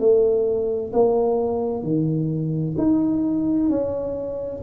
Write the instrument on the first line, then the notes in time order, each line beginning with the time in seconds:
tuba
0.00 A3
0.94 A#3
1.83 D#3
2.78 D#4
3.70 C#4